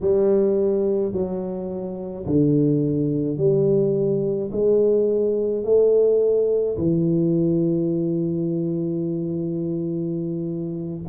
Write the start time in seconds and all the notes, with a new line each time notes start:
0.01 G3
1.12 F#3
2.25 D3
3.37 G3
4.51 G#3
5.63 A3
6.77 E3